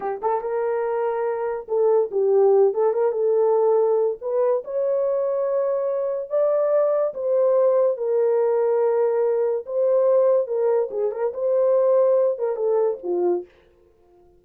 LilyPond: \new Staff \with { instrumentName = "horn" } { \time 4/4 \tempo 4 = 143 g'8 a'8 ais'2. | a'4 g'4. a'8 ais'8 a'8~ | a'2 b'4 cis''4~ | cis''2. d''4~ |
d''4 c''2 ais'4~ | ais'2. c''4~ | c''4 ais'4 gis'8 ais'8 c''4~ | c''4. ais'8 a'4 f'4 | }